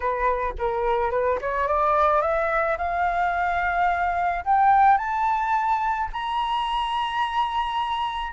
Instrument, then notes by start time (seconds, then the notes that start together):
flute
0.00 B4
0.58 A#4
1.10 B4
1.41 C#5
1.67 D5
2.21 E5
2.77 F5
4.44 G5
4.97 A5
6.12 A#5